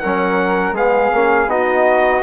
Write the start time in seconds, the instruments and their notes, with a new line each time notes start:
0.00 bassoon F#3, trombone C#4, flute A#4, trumpet F#5
0.72 bassoon G#3, trombone B3, flute G#4, trumpet F5
1.14 bassoon A#3, trombone C#4
1.47 bassoon B3, trombone D#4, flute F#4, trumpet D#5